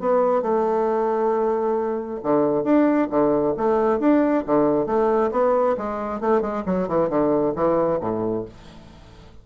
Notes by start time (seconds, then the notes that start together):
0.00 B3
0.43 A3
2.23 D3
2.64 D4
3.11 D3
3.58 A3
4.00 D4
4.47 D3
4.86 A3
5.32 B3
5.78 G#3
6.21 A3
6.42 G#3
6.66 F#3
6.89 E3
7.10 D3
7.56 E3
8.01 A2